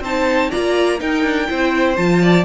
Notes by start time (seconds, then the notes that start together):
0.00 C4 D#4 C5 A5
0.51 A#3 F4 D5 A#5
0.98 D#4 A#4 G5
1.23 D4
1.48 C4 E4 C5
1.95 F3 F4 A5
2.22 D5